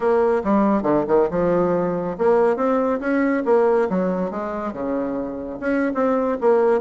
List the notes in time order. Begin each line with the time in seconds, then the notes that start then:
0.00 A#3
0.44 G3
0.82 D3
1.07 D#3
1.30 F3
2.18 A#3
2.56 C4
2.99 C#4
3.45 A#3
3.89 F#3
4.30 G#3
4.72 C#3
5.60 C#4
5.94 C4
6.41 A#3